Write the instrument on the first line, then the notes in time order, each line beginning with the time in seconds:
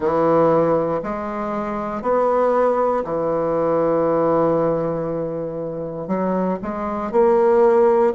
bassoon
0.00 E3
1.03 G#3
2.02 B3
3.04 E3
6.07 F#3
6.62 G#3
7.11 A#3